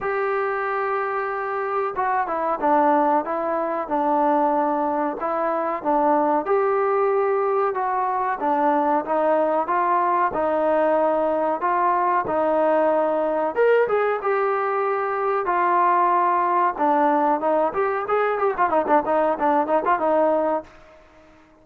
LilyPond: \new Staff \with { instrumentName = "trombone" } { \time 4/4 \tempo 4 = 93 g'2. fis'8 e'8 | d'4 e'4 d'2 | e'4 d'4 g'2 | fis'4 d'4 dis'4 f'4 |
dis'2 f'4 dis'4~ | dis'4 ais'8 gis'8 g'2 | f'2 d'4 dis'8 g'8 | gis'8 g'16 f'16 dis'16 d'16 dis'8 d'8 dis'16 f'16 dis'4 | }